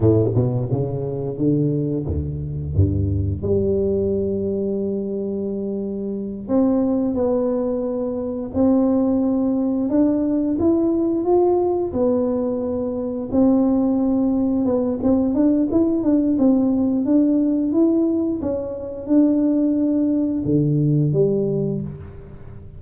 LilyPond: \new Staff \with { instrumentName = "tuba" } { \time 4/4 \tempo 4 = 88 a,8 b,8 cis4 d4 d,4 | g,4 g2.~ | g4. c'4 b4.~ | b8 c'2 d'4 e'8~ |
e'8 f'4 b2 c'8~ | c'4. b8 c'8 d'8 e'8 d'8 | c'4 d'4 e'4 cis'4 | d'2 d4 g4 | }